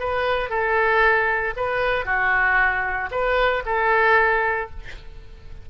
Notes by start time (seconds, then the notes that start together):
0.00 B4
0.50 A4
1.57 B4
2.06 F#4
3.12 B4
3.66 A4